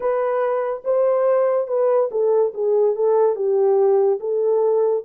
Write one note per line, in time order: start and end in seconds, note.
0.00 0.83 B4
0.84 1.67 C5
1.67 2.09 B4
2.11 2.53 A4
2.54 2.95 G#4
2.95 3.35 A4
3.35 4.19 G4
4.20 5.04 A4